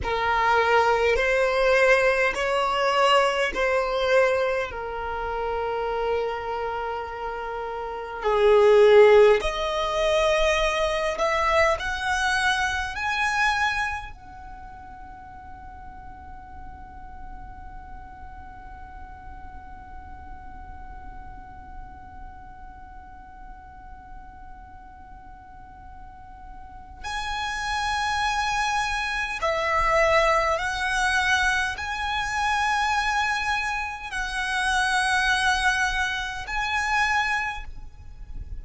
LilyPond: \new Staff \with { instrumentName = "violin" } { \time 4/4 \tempo 4 = 51 ais'4 c''4 cis''4 c''4 | ais'2. gis'4 | dis''4. e''8 fis''4 gis''4 | fis''1~ |
fis''1~ | fis''2. gis''4~ | gis''4 e''4 fis''4 gis''4~ | gis''4 fis''2 gis''4 | }